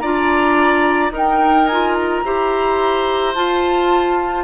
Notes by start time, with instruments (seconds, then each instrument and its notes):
0.00 bassoon D4, clarinet F4, oboe D5, flute A#5
1.11 bassoon D#4, clarinet D#4, oboe A#4
1.17 flute G5
1.67 clarinet F4, flute G#5
1.95 flute A#5
2.25 bassoon E4, clarinet G4, oboe C5
3.35 clarinet F4, bassoon F4, flute A5